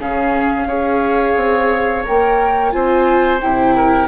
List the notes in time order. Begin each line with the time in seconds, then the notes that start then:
0.00 C#3 C#4 G#4 F5
0.65 C#4 G#4 C#5
1.36 C4
2.04 A#3 A#4 G5
2.71 C4 F4 C5 G#5
3.41 C3 E4 G5
3.76 A#4